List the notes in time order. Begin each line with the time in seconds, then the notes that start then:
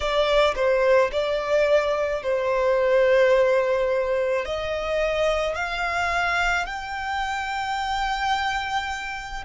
0.00 D5
0.55 C5
1.12 D5
2.22 C5
4.44 D#5
5.55 F5
6.66 G5